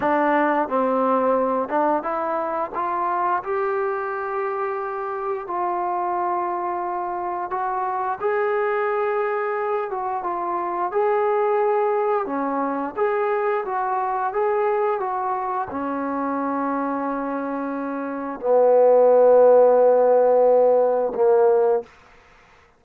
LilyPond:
\new Staff \with { instrumentName = "trombone" } { \time 4/4 \tempo 4 = 88 d'4 c'4. d'8 e'4 | f'4 g'2. | f'2. fis'4 | gis'2~ gis'8 fis'8 f'4 |
gis'2 cis'4 gis'4 | fis'4 gis'4 fis'4 cis'4~ | cis'2. b4~ | b2. ais4 | }